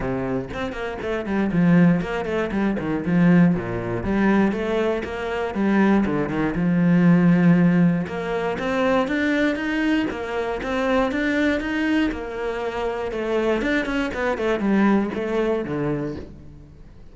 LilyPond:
\new Staff \with { instrumentName = "cello" } { \time 4/4 \tempo 4 = 119 c4 c'8 ais8 a8 g8 f4 | ais8 a8 g8 dis8 f4 ais,4 | g4 a4 ais4 g4 | d8 dis8 f2. |
ais4 c'4 d'4 dis'4 | ais4 c'4 d'4 dis'4 | ais2 a4 d'8 cis'8 | b8 a8 g4 a4 d4 | }